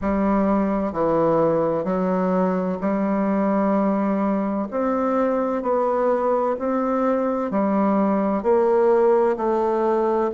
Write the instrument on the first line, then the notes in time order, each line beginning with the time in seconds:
bassoon
0.01 G3
0.92 E3
1.84 F#3
2.80 G3
4.70 C4
5.62 B3
6.58 C4
7.50 G3
8.42 A#3
9.37 A3